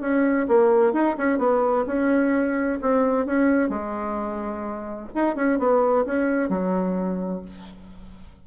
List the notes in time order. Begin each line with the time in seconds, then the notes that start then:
0.00 C#4
0.48 A#3
0.92 D#4
1.17 C#4
1.38 B3
1.86 C#4
2.81 C4
3.26 C#4
3.69 G#3
5.14 D#4
5.35 C#4
5.58 B3
6.05 C#4
6.49 F#3